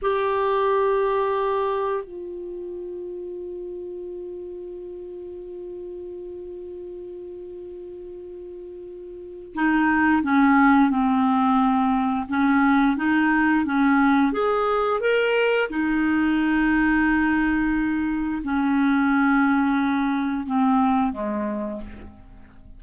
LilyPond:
\new Staff \with { instrumentName = "clarinet" } { \time 4/4 \tempo 4 = 88 g'2. f'4~ | f'1~ | f'1~ | f'2 dis'4 cis'4 |
c'2 cis'4 dis'4 | cis'4 gis'4 ais'4 dis'4~ | dis'2. cis'4~ | cis'2 c'4 gis4 | }